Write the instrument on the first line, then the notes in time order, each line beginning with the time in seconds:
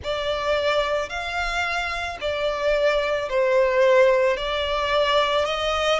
violin
0.03 D5
1.09 F5
2.20 D5
3.29 C5
4.36 D5
5.45 D#5